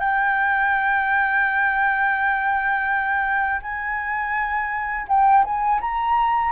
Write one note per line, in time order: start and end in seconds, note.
0.00 3.61 G5
3.62 5.07 G#5
5.09 5.45 G5
5.45 5.81 G#5
5.81 6.53 A#5